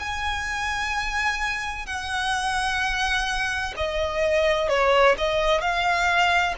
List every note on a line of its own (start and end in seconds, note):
0.00 1.87 G#5
1.87 3.74 F#5
3.77 4.69 D#5
4.69 5.16 C#5
5.19 5.62 D#5
5.62 6.55 F5